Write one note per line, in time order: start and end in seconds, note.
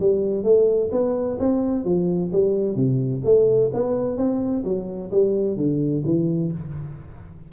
0.00 0.44 G3
0.44 0.90 A3
0.91 1.38 B3
1.39 1.85 C4
1.85 2.31 F3
2.32 2.75 G3
2.75 3.22 C3
3.24 3.71 A3
3.73 4.17 B3
4.17 4.64 C4
4.64 5.11 F#3
5.11 5.57 G3
5.57 6.03 D3
6.05 6.52 E3